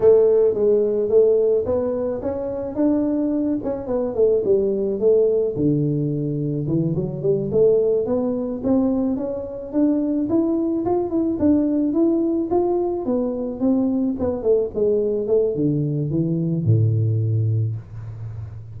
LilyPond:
\new Staff \with { instrumentName = "tuba" } { \time 4/4 \tempo 4 = 108 a4 gis4 a4 b4 | cis'4 d'4. cis'8 b8 a8 | g4 a4 d2 | e8 fis8 g8 a4 b4 c'8~ |
c'8 cis'4 d'4 e'4 f'8 | e'8 d'4 e'4 f'4 b8~ | b8 c'4 b8 a8 gis4 a8 | d4 e4 a,2 | }